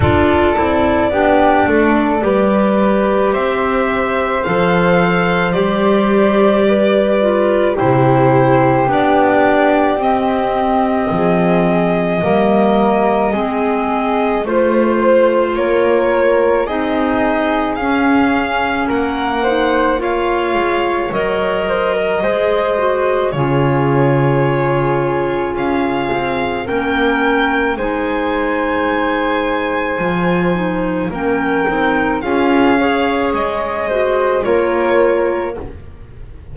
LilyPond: <<
  \new Staff \with { instrumentName = "violin" } { \time 4/4 \tempo 4 = 54 d''2. e''4 | f''4 d''2 c''4 | d''4 dis''2.~ | dis''4 c''4 cis''4 dis''4 |
f''4 fis''4 f''4 dis''4~ | dis''4 cis''2 f''4 | g''4 gis''2. | g''4 f''4 dis''4 cis''4 | }
  \new Staff \with { instrumentName = "flute" } { \time 4/4 a'4 g'8 a'8 b'4 c''4~ | c''2 b'4 g'4~ | g'2 gis'4 ais'4 | gis'4 c''4 ais'4 gis'4~ |
gis'4 ais'8 c''8 cis''4. c''16 ais'16 | c''4 gis'2. | ais'4 c''2. | ais'4 gis'8 cis''4 c''8 ais'4 | }
  \new Staff \with { instrumentName = "clarinet" } { \time 4/4 f'8 e'8 d'4 g'2 | a'4 g'4. f'8 e'4 | d'4 c'2 ais4 | c'4 f'2 dis'4 |
cis'4. dis'8 f'4 ais'4 | gis'8 fis'8 f'2. | cis'4 dis'2 f'8 dis'8 | cis'8 dis'8 f'8 gis'4 fis'8 f'4 | }
  \new Staff \with { instrumentName = "double bass" } { \time 4/4 d'8 c'8 b8 a8 g4 c'4 | f4 g2 c4 | b4 c'4 f4 g4 | gis4 a4 ais4 c'4 |
cis'4 ais4. gis8 fis4 | gis4 cis2 cis'8 c'8 | ais4 gis2 f4 | ais8 c'8 cis'4 gis4 ais4 | }
>>